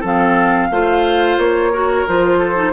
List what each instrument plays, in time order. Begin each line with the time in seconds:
0.00 bassoon F3, clarinet C4, oboe A4, flute F5
0.70 bassoon A3, clarinet F4, oboe C5
1.38 bassoon A#3, flute C#5
1.72 clarinet F#4, oboe A#4
2.07 bassoon F3, clarinet F4, flute C5
2.38 oboe A4
2.55 clarinet D#4